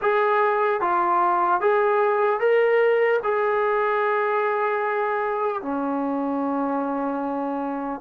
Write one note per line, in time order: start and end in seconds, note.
0.01 0.80 G#4
0.80 1.60 F4
1.60 2.40 G#4
2.40 3.20 A#4
3.23 5.61 G#4
5.61 8.00 C#4